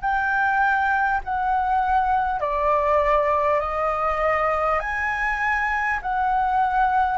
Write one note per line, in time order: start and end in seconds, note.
0.00 1.20 G5
1.23 2.39 F#5
2.39 3.59 D5
3.60 4.79 D#5
4.79 5.99 G#5
6.02 7.18 F#5